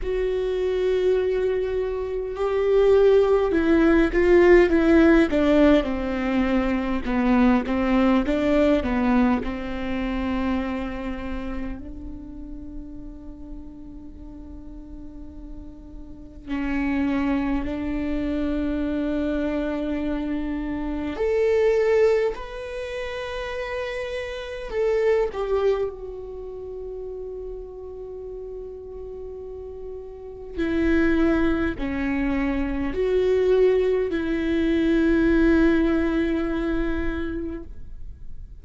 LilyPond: \new Staff \with { instrumentName = "viola" } { \time 4/4 \tempo 4 = 51 fis'2 g'4 e'8 f'8 | e'8 d'8 c'4 b8 c'8 d'8 b8 | c'2 d'2~ | d'2 cis'4 d'4~ |
d'2 a'4 b'4~ | b'4 a'8 g'8 fis'2~ | fis'2 e'4 cis'4 | fis'4 e'2. | }